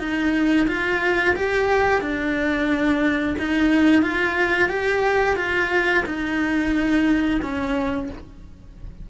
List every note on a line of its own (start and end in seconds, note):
0.00 0.67 D#4
0.68 1.35 F4
1.36 2.01 G4
2.01 3.36 D4
3.39 4.03 D#4
4.03 4.69 F4
4.69 5.37 G4
5.37 6.04 F4
6.06 7.41 D#4
7.42 8.10 C#4